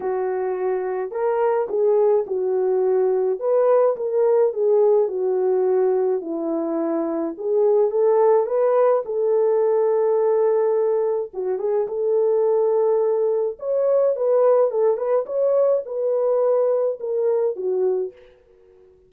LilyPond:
\new Staff \with { instrumentName = "horn" } { \time 4/4 \tempo 4 = 106 fis'2 ais'4 gis'4 | fis'2 b'4 ais'4 | gis'4 fis'2 e'4~ | e'4 gis'4 a'4 b'4 |
a'1 | fis'8 gis'8 a'2. | cis''4 b'4 a'8 b'8 cis''4 | b'2 ais'4 fis'4 | }